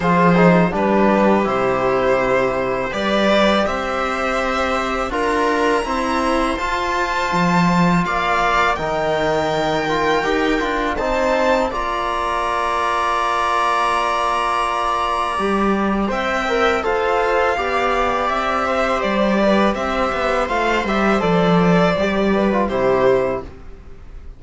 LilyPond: <<
  \new Staff \with { instrumentName = "violin" } { \time 4/4 \tempo 4 = 82 c''4 b'4 c''2 | d''4 e''2 ais''4~ | ais''4 a''2 f''4 | g''2. a''4 |
ais''1~ | ais''2 g''4 f''4~ | f''4 e''4 d''4 e''4 | f''8 e''8 d''2 c''4 | }
  \new Staff \with { instrumentName = "viola" } { \time 4/4 gis'4 g'2. | b'4 c''2 ais'4 | c''2. d''4 | ais'2. c''4 |
d''1~ | d''2 e''4 c''4 | d''4. c''4 b'8 c''4~ | c''2~ c''8 b'8 g'4 | }
  \new Staff \with { instrumentName = "trombone" } { \time 4/4 f'8 dis'8 d'4 e'2 | g'2. f'4 | c'4 f'2. | dis'4. f'8 g'8 f'8 dis'4 |
f'1~ | f'4 g'4 c''8 ais'8 a'4 | g'1 | f'8 g'8 a'4 g'8. f'16 e'4 | }
  \new Staff \with { instrumentName = "cello" } { \time 4/4 f4 g4 c2 | g4 c'2 d'4 | e'4 f'4 f4 ais4 | dis2 dis'8 d'8 c'4 |
ais1~ | ais4 g4 c'4 f'4 | b4 c'4 g4 c'8 b8 | a8 g8 f4 g4 c4 | }
>>